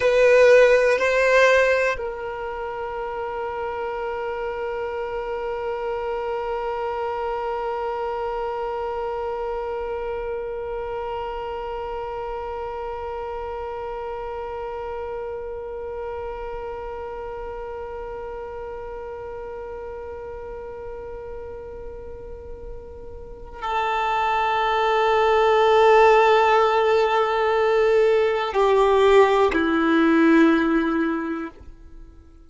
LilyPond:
\new Staff \with { instrumentName = "violin" } { \time 4/4 \tempo 4 = 61 b'4 c''4 ais'2~ | ais'1~ | ais'1~ | ais'1~ |
ais'1~ | ais'1 | a'1~ | a'4 g'4 e'2 | }